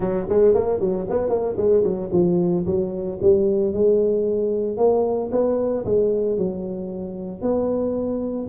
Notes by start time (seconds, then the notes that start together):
0.00 F#3
0.29 G#3
0.54 A#3
0.80 F#3
1.09 B3
1.29 A#3
1.56 G#3
1.83 F#3
2.12 F3
2.65 F#3
3.21 G3
3.73 G#3
4.77 A#3
5.31 B3
5.85 G#3
6.37 F#3
7.41 B3